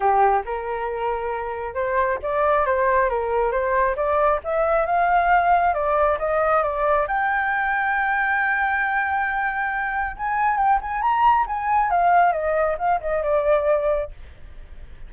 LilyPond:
\new Staff \with { instrumentName = "flute" } { \time 4/4 \tempo 4 = 136 g'4 ais'2. | c''4 d''4 c''4 ais'4 | c''4 d''4 e''4 f''4~ | f''4 d''4 dis''4 d''4 |
g''1~ | g''2. gis''4 | g''8 gis''8 ais''4 gis''4 f''4 | dis''4 f''8 dis''8 d''2 | }